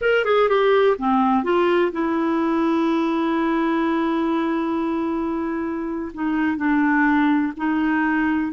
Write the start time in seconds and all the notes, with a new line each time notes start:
0.01 A#4
0.24 G#4
0.48 G4
0.97 C4
1.43 F4
1.92 E4
6.14 D#4
6.56 D4
7.56 D#4